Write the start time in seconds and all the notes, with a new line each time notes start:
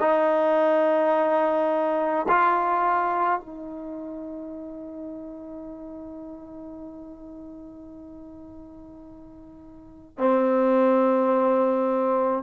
0.00 D#4
2.28 F4
3.40 D#4
10.18 C4